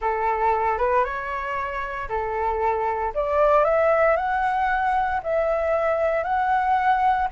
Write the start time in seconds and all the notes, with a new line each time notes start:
0.01 A4
0.78 B4
1.04 C#5
2.08 A4
3.14 D5
3.64 E5
4.16 F#5
5.23 E5
6.23 F#5